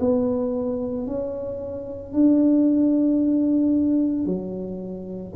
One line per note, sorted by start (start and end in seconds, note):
0.00 1.07 B3
1.07 2.13 C#4
2.13 4.26 D4
4.26 5.33 F#3